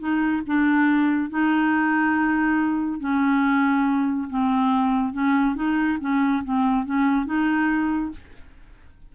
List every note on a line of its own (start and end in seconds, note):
0.00 0.43 D#4
0.47 1.30 D4
1.30 3.00 D#4
3.00 4.29 C#4
4.30 5.13 C4
5.13 5.56 C#4
5.56 5.99 D#4
6.01 6.44 C#4
6.45 6.86 C4
6.86 7.26 C#4
7.26 8.12 D#4